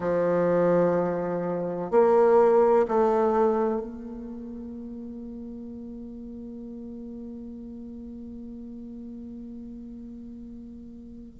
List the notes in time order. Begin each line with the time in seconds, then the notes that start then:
0.00 F3
1.90 A#3
2.87 A3
3.81 A#3